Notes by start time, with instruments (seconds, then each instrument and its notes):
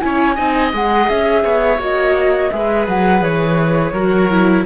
0.00 cello C#4, viola E4, oboe C#5, flute G#5
0.35 cello C4, viola D#4, oboe D#5
0.72 cello G#3, viola G#4, flute F#5
1.09 cello C#4, flute E5
1.44 cello B3, oboe C#5
1.79 cello A#3, viola F#4, flute D#5
2.51 cello G#3, viola G#4, oboe B4, flute E5
2.88 cello F#3, flute F#5
3.21 cello E3, flute C#5
3.93 cello F#3, viola F#4, oboe A#4
4.31 viola E4